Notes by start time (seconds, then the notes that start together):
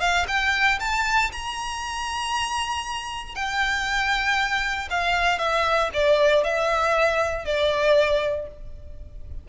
0.00 F5
0.27 G5
0.79 A5
1.32 A#5
3.34 G5
4.90 F5
5.38 E5
5.93 D5
6.43 E5
7.45 D5